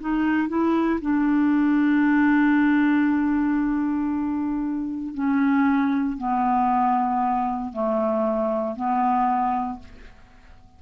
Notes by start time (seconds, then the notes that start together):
0.00 D#4
0.48 E4
1.01 D4
5.14 C#4
6.17 B3
7.72 A3
8.76 B3